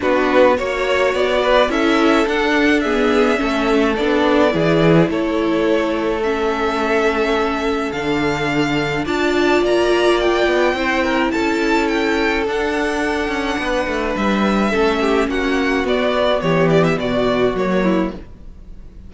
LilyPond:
<<
  \new Staff \with { instrumentName = "violin" } { \time 4/4 \tempo 4 = 106 b'4 cis''4 d''4 e''4 | fis''4 e''2 d''4~ | d''4 cis''2 e''4~ | e''2 f''2 |
a''4 ais''4 g''2 | a''4 g''4 fis''2~ | fis''4 e''2 fis''4 | d''4 cis''8 d''16 e''16 d''4 cis''4 | }
  \new Staff \with { instrumentName = "violin" } { \time 4/4 fis'4 cis''4. b'8 a'4~ | a'4 gis'4 a'2 | gis'4 a'2.~ | a'1 |
d''2. c''8 ais'8 | a'1 | b'2 a'8 g'8 fis'4~ | fis'4 g'4 fis'4. e'8 | }
  \new Staff \with { instrumentName = "viola" } { \time 4/4 d'4 fis'2 e'4 | d'4 b4 cis'4 d'4 | e'2. cis'4~ | cis'2 d'2 |
f'2. e'4~ | e'2 d'2~ | d'2 cis'2 | b2. ais4 | }
  \new Staff \with { instrumentName = "cello" } { \time 4/4 b4 ais4 b4 cis'4 | d'2 a4 b4 | e4 a2.~ | a2 d2 |
d'4 ais4. b8 c'4 | cis'2 d'4. cis'8 | b8 a8 g4 a4 ais4 | b4 e4 b,4 fis4 | }
>>